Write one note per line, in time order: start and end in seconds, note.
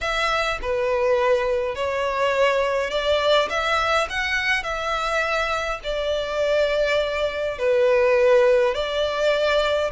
0.01 0.59 E5
0.61 1.75 B4
1.75 2.90 C#5
2.90 3.48 D5
3.49 4.07 E5
4.09 4.63 F#5
4.63 5.80 E5
5.83 7.58 D5
7.58 8.74 B4
8.74 9.90 D5